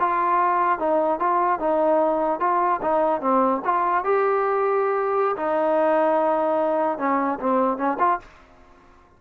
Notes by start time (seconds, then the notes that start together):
0.00 F4
0.79 D#4
1.19 F4
1.59 D#4
2.40 F4
2.82 D#4
3.21 C4
3.65 F4
4.04 G4
5.37 D#4
6.98 C#4
7.40 C4
7.77 C#4
7.99 F4